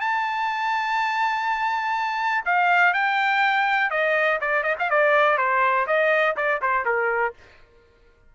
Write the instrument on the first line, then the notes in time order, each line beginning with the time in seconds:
trumpet
0.00 A5
2.45 F5
2.93 G5
3.90 D#5
4.40 D5
4.63 D#5
4.79 F5
4.90 D5
5.37 C5
5.86 D#5
6.36 D5
6.61 C5
6.85 A#4